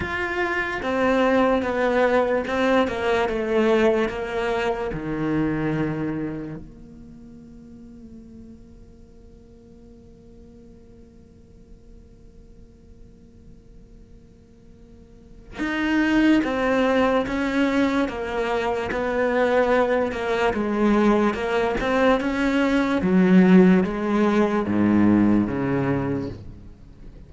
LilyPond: \new Staff \with { instrumentName = "cello" } { \time 4/4 \tempo 4 = 73 f'4 c'4 b4 c'8 ais8 | a4 ais4 dis2 | ais1~ | ais1~ |
ais2. dis'4 | c'4 cis'4 ais4 b4~ | b8 ais8 gis4 ais8 c'8 cis'4 | fis4 gis4 gis,4 cis4 | }